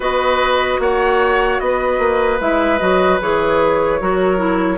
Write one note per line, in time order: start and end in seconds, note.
0.00 0.77 B3
0.00 2.39 F#4
0.00 0.80 B4
0.00 0.80 D#5
0.79 1.59 A#3
0.79 1.61 C#5
0.79 1.59 F#5
1.59 1.99 B3
1.59 4.00 B4
1.59 2.39 D#5
1.99 2.39 A#3
2.40 2.80 G#3
2.40 2.79 E4
2.40 2.79 E5
2.79 3.21 F#3
2.79 3.19 F#4
2.79 3.19 D#5
3.21 4.00 E3
3.21 4.00 G#4
3.21 4.77 C#5
4.00 4.77 F#3
4.00 4.37 F#4
4.00 4.77 A#4
4.37 4.77 E4